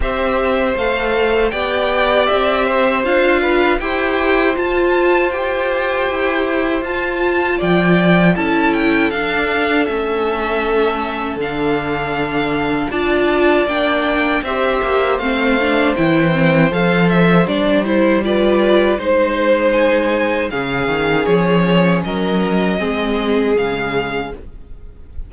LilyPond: <<
  \new Staff \with { instrumentName = "violin" } { \time 4/4 \tempo 4 = 79 e''4 f''4 g''4 e''4 | f''4 g''4 a''4 g''4~ | g''4 a''4 g''4 a''8 g''8 | f''4 e''2 f''4~ |
f''4 a''4 g''4 e''4 | f''4 g''4 f''8 e''8 d''8 c''8 | d''4 c''4 gis''4 f''4 | cis''4 dis''2 f''4 | }
  \new Staff \with { instrumentName = "violin" } { \time 4/4 c''2 d''4. c''8~ | c''8 b'8 c''2.~ | c''2 d''4 a'4~ | a'1~ |
a'4 d''2 c''4~ | c''1 | b'4 c''2 gis'4~ | gis'4 ais'4 gis'2 | }
  \new Staff \with { instrumentName = "viola" } { \time 4/4 g'4 a'4 g'2 | f'4 g'4 f'4 g'4~ | g'4 f'2 e'4 | d'4 cis'2 d'4~ |
d'4 f'4 d'4 g'4 | c'8 d'8 e'8 c'8 a'4 d'8 e'8 | f'4 dis'2 cis'4~ | cis'2 c'4 gis4 | }
  \new Staff \with { instrumentName = "cello" } { \time 4/4 c'4 a4 b4 c'4 | d'4 e'4 f'2 | e'4 f'4 f4 cis'4 | d'4 a2 d4~ |
d4 d'4 ais4 c'8 ais8 | a4 e4 f4 g4~ | g4 gis2 cis8 dis8 | f4 fis4 gis4 cis4 | }
>>